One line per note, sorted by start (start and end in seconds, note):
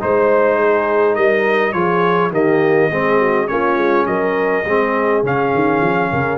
0.00 1.16 G#3
0.00 1.74 D#4
0.00 1.15 C5
0.00 0.57 C5
0.57 1.15 G#4
1.15 1.74 G3
1.15 1.73 A#4
1.15 1.72 D#5
1.72 2.30 F3
1.72 2.32 F4
1.72 2.32 G#4
1.72 2.31 C#5
2.30 2.89 D#3
2.30 2.90 A#3
2.30 2.90 G4
2.30 3.47 D#5
2.90 3.49 G#3
2.90 3.47 C4
2.90 3.18 G#4
3.18 3.48 F#4
3.47 3.76 A#3
3.47 4.64 C#4
3.47 4.07 F4
3.47 4.06 C#5
3.76 4.06 G#3
4.06 4.64 F#3
4.06 4.65 A#4
4.06 5.23 D#5
4.65 5.22 G#3
4.65 5.24 C4
4.65 6.11 G#4
5.22 5.52 C#3
5.22 6.37 C#4
5.22 6.37 F5
5.54 5.81 D#3
5.81 6.10 F3
6.12 6.37 C#3
6.12 6.37 A#4